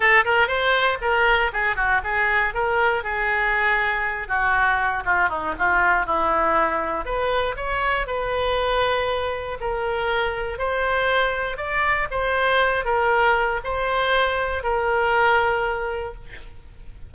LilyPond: \new Staff \with { instrumentName = "oboe" } { \time 4/4 \tempo 4 = 119 a'8 ais'8 c''4 ais'4 gis'8 fis'8 | gis'4 ais'4 gis'2~ | gis'8 fis'4. f'8 dis'8 f'4 | e'2 b'4 cis''4 |
b'2. ais'4~ | ais'4 c''2 d''4 | c''4. ais'4. c''4~ | c''4 ais'2. | }